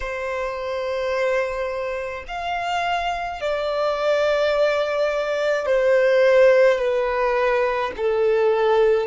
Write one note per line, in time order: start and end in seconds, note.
0.00 2.24 C5
2.27 3.40 F5
3.40 5.66 D5
5.66 6.78 C5
6.78 7.91 B4
7.97 9.06 A4